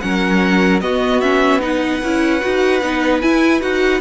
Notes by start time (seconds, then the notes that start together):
0.00 F#3 C#4 A#4 F#5
0.81 B3 F#4 D#5
1.20 C#4 E5
1.60 D#4 B4 F#5
2.03 C#4 E4
2.41 D#4 F#4
2.82 B3 D#4
3.21 E4 G#5
3.61 D#4 F#4 F#5